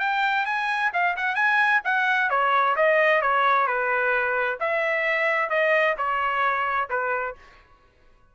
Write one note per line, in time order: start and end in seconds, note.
0.00 0.46 G5
0.46 0.92 G#5
0.93 1.16 F5
1.17 1.35 F#5
1.35 1.81 G#5
1.85 2.30 F#5
2.30 2.76 C#5
2.76 3.22 D#5
3.22 3.67 C#5
3.67 4.58 B4
4.60 5.50 E5
5.50 5.96 D#5
5.98 6.89 C#5
6.90 7.36 B4